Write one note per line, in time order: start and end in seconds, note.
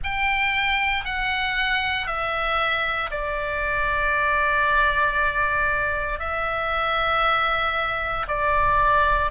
0.03 1.04 G5
1.04 2.06 F#5
2.06 3.10 E5
3.10 6.19 D5
6.19 8.26 E5
8.28 9.31 D5